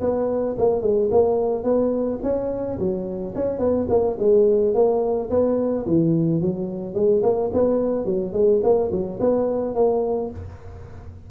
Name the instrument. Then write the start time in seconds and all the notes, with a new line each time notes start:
tuba
0.00 B3
0.58 A#3
0.81 G#3
1.11 A#3
1.63 B3
2.22 C#4
2.78 F#3
3.35 C#4
3.59 B3
3.89 A#3
4.18 G#3
4.74 A#3
5.30 B3
5.86 E3
6.41 F#3
6.94 G#3
7.22 A#3
7.53 B3
8.05 F#3
8.33 G#3
8.63 A#3
8.91 F#3
9.19 B3
9.74 A#3